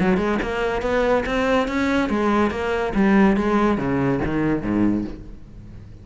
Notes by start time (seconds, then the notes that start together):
0.00 F#3
0.17 G#3
0.42 A#3
0.82 B3
1.26 C4
1.68 C#4
2.10 G#3
2.51 A#3
2.95 G3
3.37 G#3
3.78 C#3
4.25 D#3
4.63 G#2